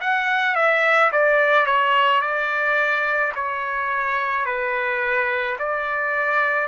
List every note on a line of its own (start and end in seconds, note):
0.00 0.55 F#5
0.55 1.11 E5
1.12 1.66 D5
1.66 2.21 C#5
2.21 3.32 D5
3.35 4.45 C#5
4.45 5.57 B4
5.59 6.67 D5